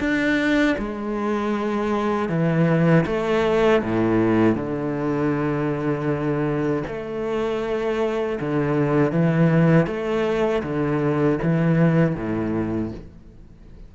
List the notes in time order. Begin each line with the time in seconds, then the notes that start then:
0.00 D4
0.79 G#3
2.29 E3
3.07 A3
3.83 A2
4.56 D3
6.88 A3
8.41 D3
9.12 E3
9.87 A3
10.63 D3
11.43 E3
12.16 A2